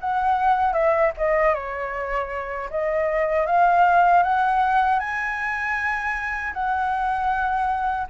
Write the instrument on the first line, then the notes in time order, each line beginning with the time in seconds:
flute
0.00 F#5
0.73 E5
1.17 D#5
1.54 C#5
2.70 D#5
3.46 F5
4.23 F#5
4.99 G#5
6.53 F#5